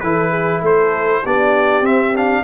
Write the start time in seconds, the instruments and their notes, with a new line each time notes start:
0.00 tuba E3, trombone E4, horn A4, trumpet B4
0.30 horn G#4
0.61 tuba A3, horn A4, trumpet C5
1.22 tuba B3, trombone D4, horn G4, trumpet D5
1.81 tuba C4, trombone C4, trumpet E5
2.15 trombone D4, trumpet F5